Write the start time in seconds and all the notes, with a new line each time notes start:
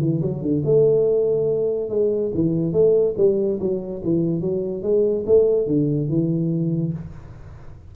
0.00 E3
0.21 F#3
0.42 D3
0.65 A3
1.89 G#3
2.34 E3
2.72 A3
3.17 G3
3.60 F#3
4.04 E3
4.41 F#3
4.83 G#3
5.26 A3
5.67 D3
6.09 E3